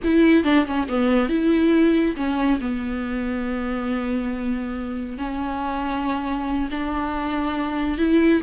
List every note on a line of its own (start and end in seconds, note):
0.03 0.44 E4
0.44 0.65 D4
0.66 0.87 C#4
0.88 1.29 B3
1.29 2.15 E4
2.16 2.59 C#4
2.60 5.17 B3
5.17 6.68 C#4
6.70 7.98 D4
7.98 8.41 E4